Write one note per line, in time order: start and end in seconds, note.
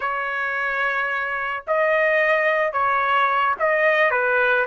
0.00 1.63 C#5
1.67 2.72 D#5
2.72 3.55 C#5
3.59 4.11 D#5
4.11 4.66 B4